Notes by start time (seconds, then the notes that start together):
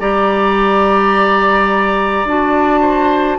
0.00 G3 G4 D5 A#5
2.25 D4 F#4 A5
2.81 C5